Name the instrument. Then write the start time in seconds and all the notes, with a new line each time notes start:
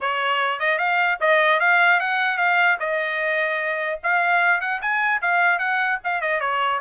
trumpet
0.01 C#5
0.59 D#5
0.78 F5
1.20 D#5
1.59 F5
1.99 F#5
2.37 F5
2.79 D#5
4.03 F5
4.60 F#5
4.81 G#5
5.21 F5
5.58 F#5
6.03 F5
6.21 D#5
6.40 C#5